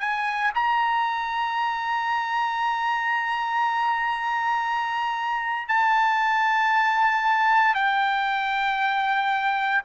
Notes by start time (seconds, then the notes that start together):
0.00 G#5
0.55 A#5
5.68 A5
7.75 G5